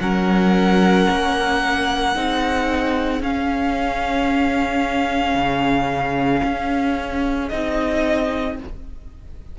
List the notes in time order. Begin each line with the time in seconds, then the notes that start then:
0.00 F#3 C#4 A#4 F#5
1.10 A#3
2.15 C4 D#4 G#4
3.21 C#4 F5
5.35 C#3
6.44 C#4
7.49 C4 D#4 D#5